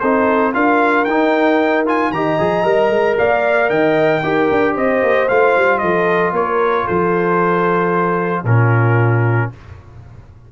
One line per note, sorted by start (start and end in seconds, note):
0.00 0.54 C4
0.00 0.53 D#4
0.00 0.54 A4
0.00 0.53 C5
0.53 1.07 D4
0.53 1.06 F4
0.53 2.13 A#4
0.53 1.04 F5
1.04 2.11 D#4
1.04 1.86 D#4
1.04 1.83 G5
1.86 2.12 F4
1.86 2.12 G#5
2.11 2.37 D#3
2.11 2.39 G4
2.11 3.18 D#5
2.11 3.17 A#5
2.39 2.64 F3
2.39 2.64 G#4
2.64 2.90 G3
2.64 4.22 A#4
2.90 3.16 G#3
3.18 3.70 A#3
3.18 3.69 D5
3.18 3.70 F5
3.69 4.22 D#3
3.69 4.22 D#5
3.69 4.75 G5
4.23 4.49 D#4
4.23 5.29 G4
4.23 4.74 A#4
4.51 4.76 D4
4.74 5.03 C4
4.74 5.80 C5
4.74 5.29 D#5
5.03 5.29 A#3
5.29 5.57 A3
5.29 8.45 F4
5.29 5.78 F5
5.57 5.83 G3
5.78 6.32 F3
5.78 6.34 A4
5.78 6.31 D#5
6.32 6.85 A#3
6.32 6.85 A#4
6.32 6.87 C#5
6.85 8.44 F3
6.85 8.43 A4
6.85 8.45 C5
8.44 9.49 A#2
8.44 9.52 C#4
8.44 9.49 F4
8.44 9.51 A#4